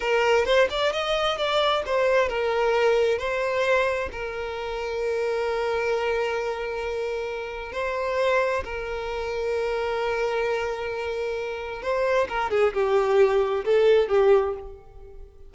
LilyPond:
\new Staff \with { instrumentName = "violin" } { \time 4/4 \tempo 4 = 132 ais'4 c''8 d''8 dis''4 d''4 | c''4 ais'2 c''4~ | c''4 ais'2.~ | ais'1~ |
ais'4 c''2 ais'4~ | ais'1~ | ais'2 c''4 ais'8 gis'8 | g'2 a'4 g'4 | }